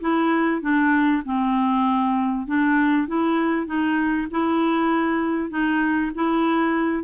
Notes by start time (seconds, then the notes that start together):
0.00 E4
0.61 D4
1.25 C4
2.47 D4
3.08 E4
3.66 D#4
4.31 E4
5.50 D#4
6.14 E4